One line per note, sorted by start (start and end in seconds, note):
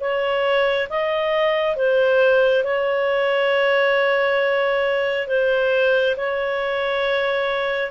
0.00 0.88 C#5
0.89 1.76 D#5
1.76 2.64 C5
2.64 5.27 C#5
5.27 6.16 C5
6.16 7.91 C#5